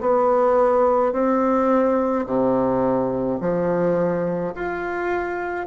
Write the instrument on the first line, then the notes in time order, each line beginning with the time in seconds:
bassoon
0.00 B3
1.12 C4
2.26 C3
3.40 F3
4.55 F4